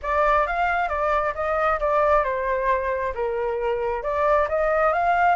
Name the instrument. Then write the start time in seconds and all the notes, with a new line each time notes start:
flute
0.02 D5
0.46 F5
0.88 D5
1.34 D#5
1.80 D5
2.24 C5
3.14 A#4
4.02 D5
4.49 D#5
4.92 F5